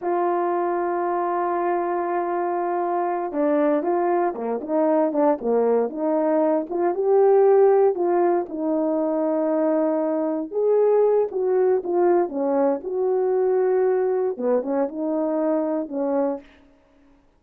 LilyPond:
\new Staff \with { instrumentName = "horn" } { \time 4/4 \tempo 4 = 117 f'1~ | f'2~ f'8 d'4 f'8~ | f'8 ais8 dis'4 d'8 ais4 dis'8~ | dis'4 f'8 g'2 f'8~ |
f'8 dis'2.~ dis'8~ | dis'8 gis'4. fis'4 f'4 | cis'4 fis'2. | b8 cis'8 dis'2 cis'4 | }